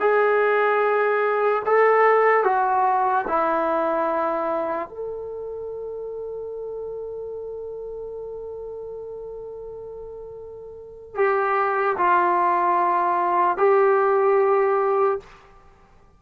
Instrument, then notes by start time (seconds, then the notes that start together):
trombone
0.00 G#4
1.65 A4
2.44 F#4
3.28 E4
4.88 A4
11.15 G4
11.97 F4
13.57 G4